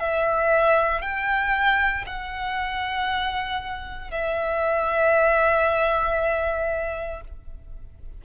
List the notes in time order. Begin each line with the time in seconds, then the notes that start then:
0.00 E5
1.02 G5
2.07 F#5
4.11 E5